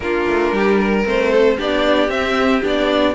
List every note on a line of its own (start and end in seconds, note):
0.00 0.25 A#3
0.00 1.04 D4
0.00 0.54 F4
0.00 1.05 A#4
0.27 0.52 A3
0.52 1.04 G3
0.52 0.79 G4
0.79 1.31 A#4
1.04 1.58 A3
1.04 1.57 C4
1.04 1.59 C5
1.32 1.56 A4
1.56 2.08 B3
1.56 2.08 D4
1.56 3.14 G4
1.56 2.10 D5
2.08 2.61 C4
2.08 2.62 E5
2.63 3.14 B3
2.63 3.14 D4
2.63 3.14 D5